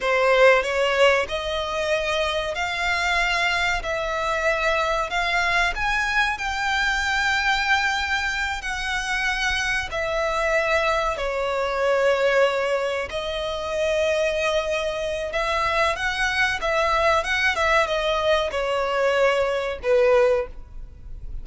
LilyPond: \new Staff \with { instrumentName = "violin" } { \time 4/4 \tempo 4 = 94 c''4 cis''4 dis''2 | f''2 e''2 | f''4 gis''4 g''2~ | g''4. fis''2 e''8~ |
e''4. cis''2~ cis''8~ | cis''8 dis''2.~ dis''8 | e''4 fis''4 e''4 fis''8 e''8 | dis''4 cis''2 b'4 | }